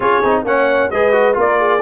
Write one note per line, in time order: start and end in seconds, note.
0.00 0.21 C#4
0.00 0.23 F4
0.00 0.43 G#4
0.00 0.43 C#5
0.23 0.44 C4
0.23 0.45 D#4
0.44 0.90 A#3
0.44 0.91 C#4
0.44 0.92 C#5
0.44 0.90 F#5
0.90 1.36 G#3
0.90 1.12 G#4
0.90 1.37 B4
0.90 1.36 D#5
1.12 1.33 F#4
1.33 1.81 A#3
1.33 1.79 F4
1.33 1.58 A#4
1.40 1.81 D5
1.58 1.81 G#4